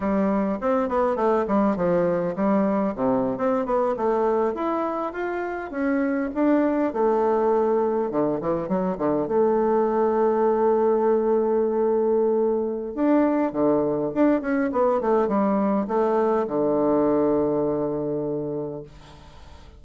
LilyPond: \new Staff \with { instrumentName = "bassoon" } { \time 4/4 \tempo 4 = 102 g4 c'8 b8 a8 g8 f4 | g4 c8. c'8 b8 a4 e'16~ | e'8. f'4 cis'4 d'4 a16~ | a4.~ a16 d8 e8 fis8 d8 a16~ |
a1~ | a2 d'4 d4 | d'8 cis'8 b8 a8 g4 a4 | d1 | }